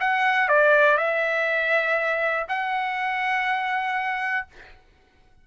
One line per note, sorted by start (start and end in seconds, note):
0.00 0.48 F#5
0.48 0.98 D5
0.98 2.46 E5
2.49 4.47 F#5